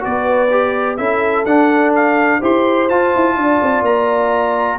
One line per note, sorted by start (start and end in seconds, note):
0.00 0.99 B3
0.00 0.48 F#4
0.00 0.97 B4
0.00 0.97 D5
0.50 0.98 G4
0.97 1.44 C#4
0.97 1.46 E4
0.97 2.39 A4
0.97 1.44 E5
1.44 2.40 D4
1.44 2.41 D4
1.44 1.93 F#5
1.95 2.43 F5
2.39 2.89 E4
2.39 2.88 G4
2.39 3.34 C5
2.39 2.89 C6
2.89 4.78 F4
2.89 3.13 F4
2.89 3.84 A5
3.15 3.37 E4
3.35 3.60 D4
3.35 4.78 D5
3.62 3.81 C4
3.81 4.77 A#3
3.81 4.78 A#5